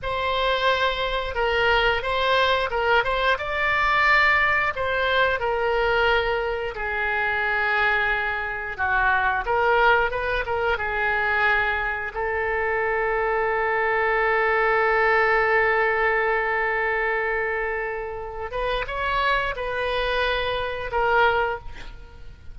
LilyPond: \new Staff \with { instrumentName = "oboe" } { \time 4/4 \tempo 4 = 89 c''2 ais'4 c''4 | ais'8 c''8 d''2 c''4 | ais'2 gis'2~ | gis'4 fis'4 ais'4 b'8 ais'8 |
gis'2 a'2~ | a'1~ | a'2.~ a'8 b'8 | cis''4 b'2 ais'4 | }